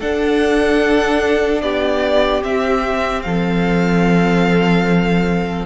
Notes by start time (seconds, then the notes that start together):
0.00 D4 A4 F#5
1.62 B3 G4 D5
2.43 C4 E5
3.22 F3 A4 F5